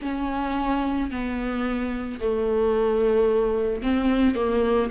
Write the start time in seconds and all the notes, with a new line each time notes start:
0.01 C#4
1.10 B3
2.20 A3
3.82 C4
4.35 A#3